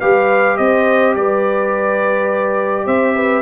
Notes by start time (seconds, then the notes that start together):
0.00 G3 G4 B4 F5
0.57 C4 C5 D#5
1.15 G3 B4 D5
2.86 C4 C5 E5
3.15 B4